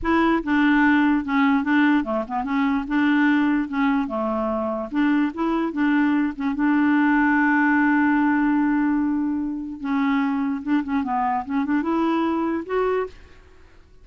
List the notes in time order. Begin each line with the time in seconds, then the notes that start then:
0.02 E4
0.43 D4
1.24 C#4
1.63 D4
2.04 A3
2.27 B3
2.44 C#4
2.87 D4
3.68 C#4
4.07 A3
4.91 D4
5.34 E4
5.72 D4
6.36 C#4
6.55 D4
9.80 C#4
10.63 D4
10.83 C#4
11.03 B3
11.45 C#4
11.65 D4
11.82 E4
12.65 F#4